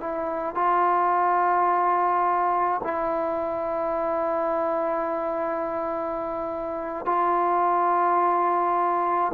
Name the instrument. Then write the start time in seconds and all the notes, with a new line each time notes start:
trombone
0.00 E4
0.55 F4
2.83 E4
7.05 F4